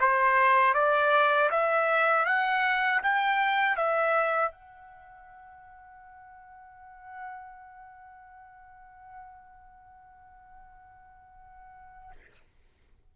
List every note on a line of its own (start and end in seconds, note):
0.00 0.74 C5
0.74 1.50 D5
1.51 2.25 E5
2.25 3.01 F#5
3.03 3.76 G5
3.76 4.52 E5
4.52 12.11 F#5